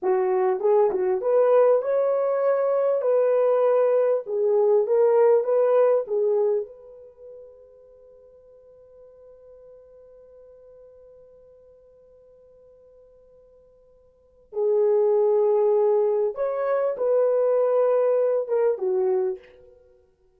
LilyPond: \new Staff \with { instrumentName = "horn" } { \time 4/4 \tempo 4 = 99 fis'4 gis'8 fis'8 b'4 cis''4~ | cis''4 b'2 gis'4 | ais'4 b'4 gis'4 b'4~ | b'1~ |
b'1~ | b'1 | gis'2. cis''4 | b'2~ b'8 ais'8 fis'4 | }